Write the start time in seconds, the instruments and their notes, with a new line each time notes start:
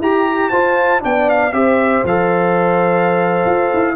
0.00 tuba E4, horn G4, trombone G4, trumpet A#5
0.50 tuba F4, trombone F4, horn C5, trumpet A5
1.00 tuba B3, trombone D4, horn D5, trumpet G5
1.30 trumpet F5
1.52 tuba C4, trombone G4, horn C5, trumpet E5
2.04 tuba F3, trombone A4, trumpet F5
3.46 tuba F4
3.74 tuba E4